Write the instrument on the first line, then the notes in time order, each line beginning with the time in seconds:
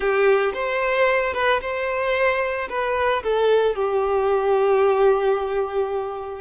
violin
0.00 G4
0.54 C5
1.33 B4
1.61 C5
2.69 B4
3.23 A4
3.75 G4